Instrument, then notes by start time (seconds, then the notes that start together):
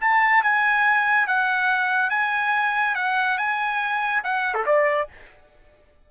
trumpet
0.00 A5
0.43 G#5
1.26 F#5
2.09 G#5
2.95 F#5
3.37 G#5
4.24 F#5
4.54 A4
4.65 D5